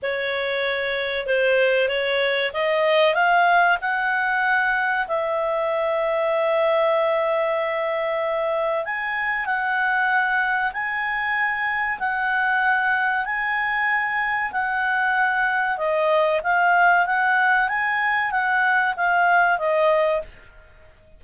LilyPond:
\new Staff \with { instrumentName = "clarinet" } { \time 4/4 \tempo 4 = 95 cis''2 c''4 cis''4 | dis''4 f''4 fis''2 | e''1~ | e''2 gis''4 fis''4~ |
fis''4 gis''2 fis''4~ | fis''4 gis''2 fis''4~ | fis''4 dis''4 f''4 fis''4 | gis''4 fis''4 f''4 dis''4 | }